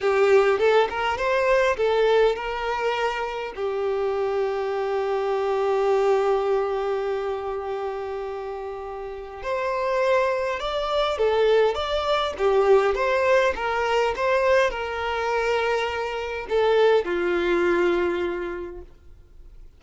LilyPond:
\new Staff \with { instrumentName = "violin" } { \time 4/4 \tempo 4 = 102 g'4 a'8 ais'8 c''4 a'4 | ais'2 g'2~ | g'1~ | g'1 |
c''2 d''4 a'4 | d''4 g'4 c''4 ais'4 | c''4 ais'2. | a'4 f'2. | }